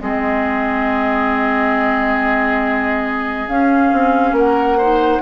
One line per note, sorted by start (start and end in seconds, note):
0.00 3.48 G#3
0.00 3.48 C4
0.00 4.36 G#4
0.00 3.49 D#5
3.48 3.92 C#4
3.48 4.80 C#4
3.48 4.36 F5
3.92 4.32 C4
4.32 5.19 A#3
4.32 4.78 A#4
4.32 5.22 F#5
4.78 5.22 D#4
4.78 5.21 C5